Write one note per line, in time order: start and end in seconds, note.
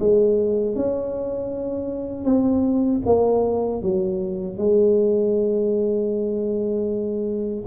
0.00 0.76 G#3
0.76 2.25 C#4
2.25 3.02 C4
3.06 3.83 A#3
3.83 4.58 F#3
4.58 7.66 G#3